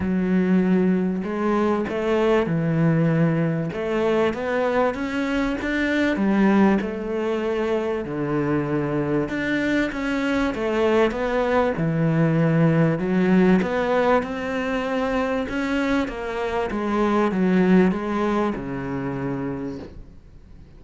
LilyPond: \new Staff \with { instrumentName = "cello" } { \time 4/4 \tempo 4 = 97 fis2 gis4 a4 | e2 a4 b4 | cis'4 d'4 g4 a4~ | a4 d2 d'4 |
cis'4 a4 b4 e4~ | e4 fis4 b4 c'4~ | c'4 cis'4 ais4 gis4 | fis4 gis4 cis2 | }